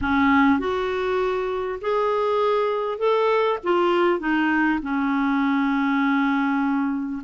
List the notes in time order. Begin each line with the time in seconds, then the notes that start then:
0.01 C#4
0.59 F#4
1.81 G#4
2.98 A4
3.63 F4
4.19 D#4
4.82 C#4